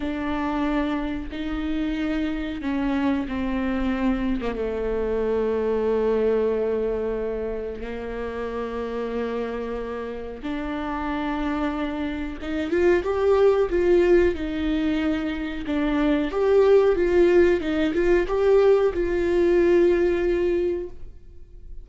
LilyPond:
\new Staff \with { instrumentName = "viola" } { \time 4/4 \tempo 4 = 92 d'2 dis'2 | cis'4 c'4.~ c'16 ais16 a4~ | a1 | ais1 |
d'2. dis'8 f'8 | g'4 f'4 dis'2 | d'4 g'4 f'4 dis'8 f'8 | g'4 f'2. | }